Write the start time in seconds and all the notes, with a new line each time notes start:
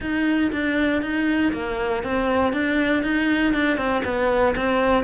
0.00 D#4
0.52 D4
1.02 D#4
1.52 A#3
2.03 C4
2.53 D4
3.03 D#4
3.53 D4
3.77 C4
4.04 B3
4.56 C4